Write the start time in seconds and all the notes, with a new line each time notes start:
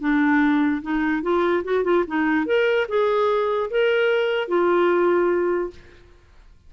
0.00 D4
0.82 D#4
1.22 F4
1.64 F#4
1.84 F4
2.07 D#4
2.46 A#4
2.88 G#4
3.70 A#4
4.48 F4